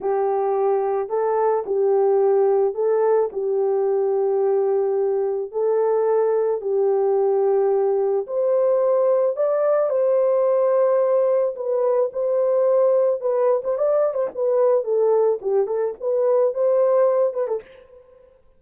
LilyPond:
\new Staff \with { instrumentName = "horn" } { \time 4/4 \tempo 4 = 109 g'2 a'4 g'4~ | g'4 a'4 g'2~ | g'2 a'2 | g'2. c''4~ |
c''4 d''4 c''2~ | c''4 b'4 c''2 | b'8. c''16 d''8. c''16 b'4 a'4 | g'8 a'8 b'4 c''4. b'16 a'16 | }